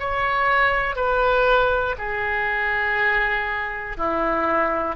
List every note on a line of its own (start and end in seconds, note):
0.00 0.96 C#5
0.96 1.96 B4
1.99 3.97 G#4
3.97 4.96 E4